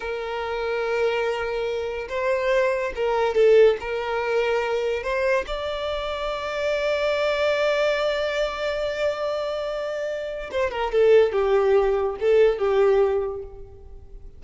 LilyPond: \new Staff \with { instrumentName = "violin" } { \time 4/4 \tempo 4 = 143 ais'1~ | ais'4 c''2 ais'4 | a'4 ais'2. | c''4 d''2.~ |
d''1~ | d''1~ | d''4 c''8 ais'8 a'4 g'4~ | g'4 a'4 g'2 | }